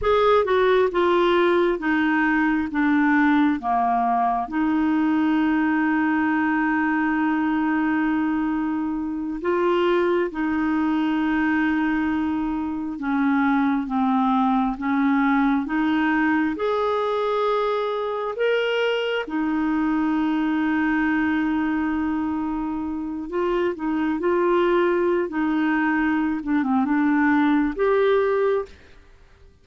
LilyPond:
\new Staff \with { instrumentName = "clarinet" } { \time 4/4 \tempo 4 = 67 gis'8 fis'8 f'4 dis'4 d'4 | ais4 dis'2.~ | dis'2~ dis'8 f'4 dis'8~ | dis'2~ dis'8 cis'4 c'8~ |
c'8 cis'4 dis'4 gis'4.~ | gis'8 ais'4 dis'2~ dis'8~ | dis'2 f'8 dis'8 f'4~ | f'16 dis'4~ dis'16 d'16 c'16 d'4 g'4 | }